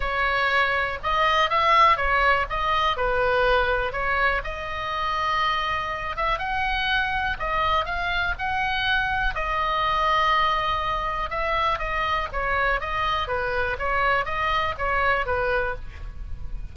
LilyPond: \new Staff \with { instrumentName = "oboe" } { \time 4/4 \tempo 4 = 122 cis''2 dis''4 e''4 | cis''4 dis''4 b'2 | cis''4 dis''2.~ | dis''8 e''8 fis''2 dis''4 |
f''4 fis''2 dis''4~ | dis''2. e''4 | dis''4 cis''4 dis''4 b'4 | cis''4 dis''4 cis''4 b'4 | }